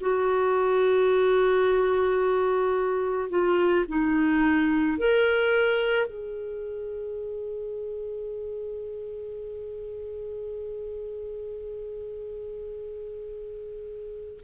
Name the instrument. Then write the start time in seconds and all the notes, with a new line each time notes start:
clarinet
0.00 F#4
3.29 F4
3.88 D#4
4.98 A#4
6.07 G#4